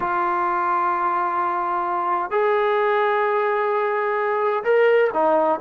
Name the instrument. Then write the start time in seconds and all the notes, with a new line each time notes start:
trombone
0.00 F4
2.30 G#4
4.64 A#4
5.13 D#4